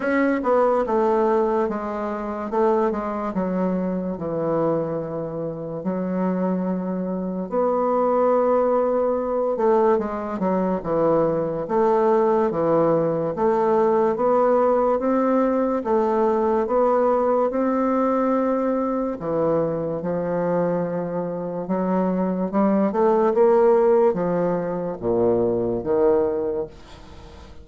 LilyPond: \new Staff \with { instrumentName = "bassoon" } { \time 4/4 \tempo 4 = 72 cis'8 b8 a4 gis4 a8 gis8 | fis4 e2 fis4~ | fis4 b2~ b8 a8 | gis8 fis8 e4 a4 e4 |
a4 b4 c'4 a4 | b4 c'2 e4 | f2 fis4 g8 a8 | ais4 f4 ais,4 dis4 | }